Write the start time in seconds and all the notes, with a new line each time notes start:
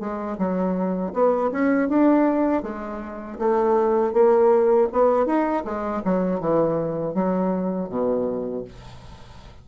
0.00 G#3
0.38 F#3
1.14 B3
1.52 C#4
1.89 D4
2.63 G#3
3.39 A3
4.13 A#3
4.92 B3
5.26 D#4
5.65 G#3
6.05 F#3
6.40 E3
7.15 F#3
7.90 B2